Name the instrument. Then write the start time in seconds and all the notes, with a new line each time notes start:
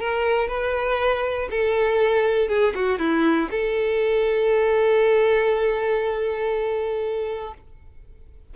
violin
0.00 A#4
0.48 B4
1.51 A4
2.49 G#4
2.75 F#4
2.99 E4
3.51 A4